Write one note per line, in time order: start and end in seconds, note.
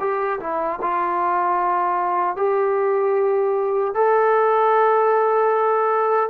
0.00 0.39 G4
0.40 0.80 E4
0.81 2.36 F4
2.36 3.94 G4
3.94 6.30 A4